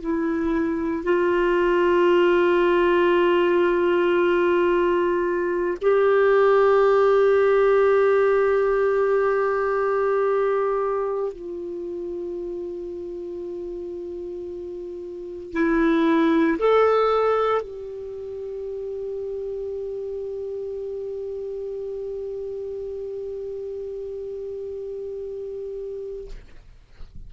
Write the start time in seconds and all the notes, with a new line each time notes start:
0.00 E4
1.04 F4
5.81 G4
11.32 F4
15.53 E4
16.58 A4
17.61 G4